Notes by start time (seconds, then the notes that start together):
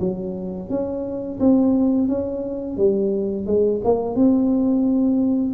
0.00 F#3
0.69 C#4
1.40 C4
2.08 C#4
2.77 G3
3.47 G#3
3.84 A#3
4.15 C4